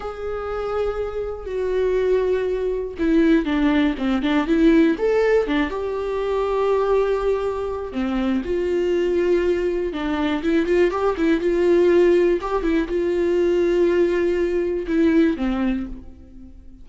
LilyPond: \new Staff \with { instrumentName = "viola" } { \time 4/4 \tempo 4 = 121 gis'2. fis'4~ | fis'2 e'4 d'4 | c'8 d'8 e'4 a'4 d'8 g'8~ | g'1 |
c'4 f'2. | d'4 e'8 f'8 g'8 e'8 f'4~ | f'4 g'8 e'8 f'2~ | f'2 e'4 c'4 | }